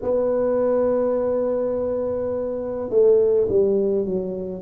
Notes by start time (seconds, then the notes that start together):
0.02 B3
2.89 A3
3.48 G3
4.05 F#3